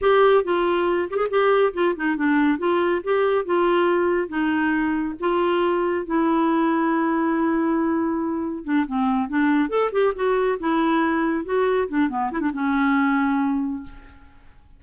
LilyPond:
\new Staff \with { instrumentName = "clarinet" } { \time 4/4 \tempo 4 = 139 g'4 f'4. g'16 gis'16 g'4 | f'8 dis'8 d'4 f'4 g'4 | f'2 dis'2 | f'2 e'2~ |
e'1 | d'8 c'4 d'4 a'8 g'8 fis'8~ | fis'8 e'2 fis'4 d'8 | b8 e'16 d'16 cis'2. | }